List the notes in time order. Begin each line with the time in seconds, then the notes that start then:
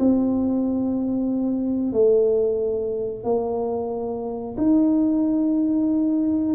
0.00 C4
1.93 A3
3.24 A#3
4.58 D#4